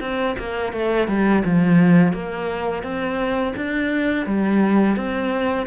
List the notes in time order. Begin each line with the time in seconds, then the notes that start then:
0.00 C4
0.38 A#3
0.73 A3
1.07 G3
1.44 F3
2.13 A#3
2.83 C4
3.56 D4
4.26 G3
4.96 C4